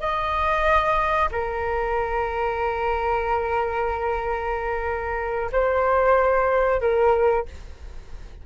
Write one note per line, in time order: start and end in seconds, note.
0.00 1.29 D#5
1.32 5.51 A#4
5.52 6.81 C5
6.81 7.45 A#4